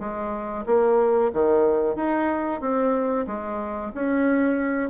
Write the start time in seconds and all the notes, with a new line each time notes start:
0.00 G#3
0.66 A#3
1.33 D#3
1.96 D#4
2.61 C4
3.27 G#3
3.95 C#4